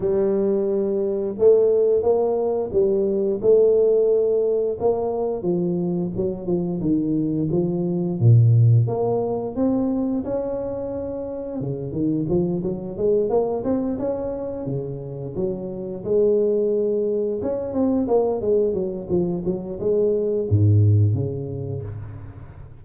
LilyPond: \new Staff \with { instrumentName = "tuba" } { \time 4/4 \tempo 4 = 88 g2 a4 ais4 | g4 a2 ais4 | f4 fis8 f8 dis4 f4 | ais,4 ais4 c'4 cis'4~ |
cis'4 cis8 dis8 f8 fis8 gis8 ais8 | c'8 cis'4 cis4 fis4 gis8~ | gis4. cis'8 c'8 ais8 gis8 fis8 | f8 fis8 gis4 gis,4 cis4 | }